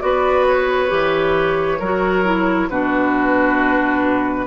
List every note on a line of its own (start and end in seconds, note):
0.00 0.91 B3
0.00 0.88 F#4
0.00 1.78 B4
0.00 0.45 D5
0.47 2.69 C#5
0.88 1.80 E3
0.88 1.78 G4
1.78 2.69 F#3
1.78 2.24 F#4
1.78 2.68 A#4
2.24 2.69 E4
2.69 4.46 B2
2.69 4.46 D4
2.69 4.46 F#4
2.69 4.46 B4